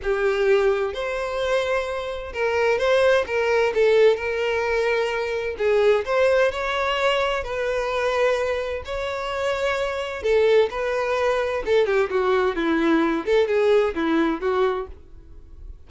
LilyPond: \new Staff \with { instrumentName = "violin" } { \time 4/4 \tempo 4 = 129 g'2 c''2~ | c''4 ais'4 c''4 ais'4 | a'4 ais'2. | gis'4 c''4 cis''2 |
b'2. cis''4~ | cis''2 a'4 b'4~ | b'4 a'8 g'8 fis'4 e'4~ | e'8 a'8 gis'4 e'4 fis'4 | }